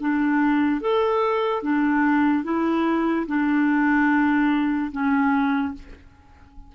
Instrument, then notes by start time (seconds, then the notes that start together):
clarinet
0.00 D4
0.80 A4
1.62 D4
2.44 E4
3.27 D4
4.91 C#4